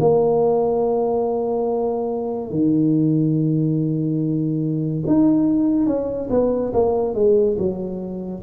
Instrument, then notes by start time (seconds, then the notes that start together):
tuba
0.00 A#3
2.50 D#3
5.07 D#4
5.87 C#4
6.30 B3
6.73 A#3
7.14 G#3
7.58 F#3